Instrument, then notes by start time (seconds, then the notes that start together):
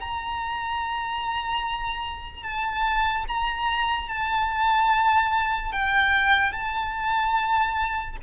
violin
0.00 A#5
2.43 A5
3.27 A#5
4.08 A5
5.72 G5
6.52 A5